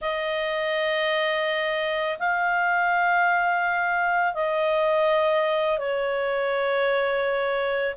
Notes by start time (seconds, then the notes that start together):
0.01 D#5
2.19 F5
4.34 D#5
5.78 C#5